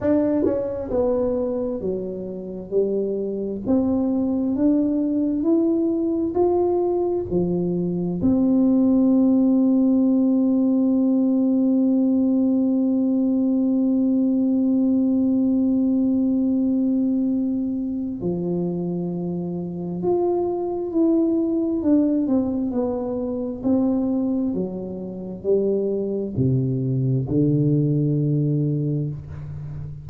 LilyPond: \new Staff \with { instrumentName = "tuba" } { \time 4/4 \tempo 4 = 66 d'8 cis'8 b4 fis4 g4 | c'4 d'4 e'4 f'4 | f4 c'2.~ | c'1~ |
c'1 | f2 f'4 e'4 | d'8 c'8 b4 c'4 fis4 | g4 c4 d2 | }